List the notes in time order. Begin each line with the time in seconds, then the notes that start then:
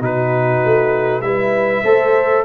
0.00 B2 D#4 F#4 B4
0.65 A3
1.21 G3 E4 B4 E5
1.83 A3 A4 C5